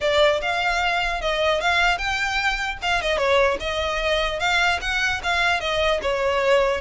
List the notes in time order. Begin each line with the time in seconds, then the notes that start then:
0.01 D5
0.41 F5
1.21 D#5
1.60 F5
1.97 G5
2.81 F5
3.01 D#5
3.17 C#5
3.60 D#5
4.39 F5
4.81 F#5
5.23 F5
5.60 D#5
6.02 C#5